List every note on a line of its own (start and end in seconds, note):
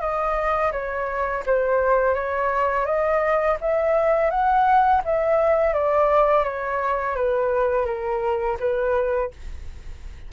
0.00 0.71 D#5
0.72 1.43 C#5
1.46 2.14 C5
2.14 2.85 C#5
2.85 3.57 D#5
3.60 4.30 E5
4.30 5.01 F#5
5.05 5.73 E5
5.73 6.44 D5
6.44 7.15 C#5
7.15 7.85 B4
7.85 8.57 A#4
8.59 9.31 B4